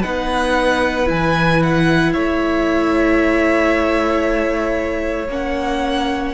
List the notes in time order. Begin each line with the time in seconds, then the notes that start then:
0.00 B3 D#4 B4 F#5
1.05 E3 E4 G#5
1.62 F#5
2.12 A3 C#5 E5
5.28 A#3 C#4 F#5